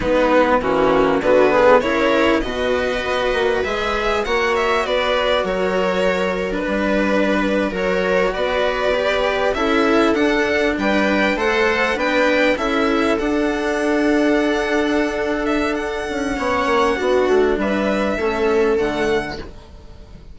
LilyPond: <<
  \new Staff \with { instrumentName = "violin" } { \time 4/4 \tempo 4 = 99 b'4 fis'4 b'4 cis''4 | dis''2 e''4 fis''8 e''8 | d''4 cis''4.~ cis''16 b'4~ b'16~ | b'8. cis''4 d''2 e''16~ |
e''8. fis''4 g''4 fis''4 g''16~ | g''8. e''4 fis''2~ fis''16~ | fis''4. e''8 fis''2~ | fis''4 e''2 fis''4 | }
  \new Staff \with { instrumentName = "viola" } { \time 4/4 dis'4 cis'4 fis'8 gis'8 ais'4 | b'2. cis''4 | b'4 ais'2 b'4~ | b'8. ais'4 b'2 a'16~ |
a'4.~ a'16 b'4 c''4 b'16~ | b'8. a'2.~ a'16~ | a'2. cis''4 | fis'4 b'4 a'2 | }
  \new Staff \with { instrumentName = "cello" } { \time 4/4 b4 ais4 b4 e'4 | fis'2 gis'4 fis'4~ | fis'2~ fis'8. d'4~ d'16~ | d'8. fis'2 g'4 e'16~ |
e'8. d'2 a'4 d'16~ | d'8. e'4 d'2~ d'16~ | d'2. cis'4 | d'2 cis'4 a4 | }
  \new Staff \with { instrumentName = "bassoon" } { \time 4/4 gis4 e4 d4 cis4 | b,4 b8 ais8 gis4 ais4 | b4 fis2 g4~ | g8. fis4 b2 cis'16~ |
cis'8. d'4 g4 a4 b16~ | b8. cis'4 d'2~ d'16~ | d'2~ d'8 cis'8 b8 ais8 | b8 a8 g4 a4 d4 | }
>>